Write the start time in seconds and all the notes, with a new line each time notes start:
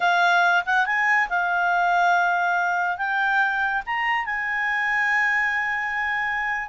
0.00 F5
0.65 F#5
0.85 G#5
1.29 F5
2.97 G5
3.86 A#5
4.25 G#5